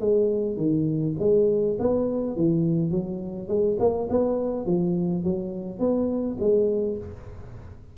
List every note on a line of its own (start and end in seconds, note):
0.00 0.56 G#3
0.56 1.14 D#3
1.19 1.76 G#3
1.79 2.36 B3
2.36 2.91 E3
2.91 3.48 F#3
3.48 3.77 G#3
3.79 4.08 A#3
4.09 4.66 B3
4.66 5.23 F3
5.23 5.79 F#3
5.79 6.37 B3
6.39 6.97 G#3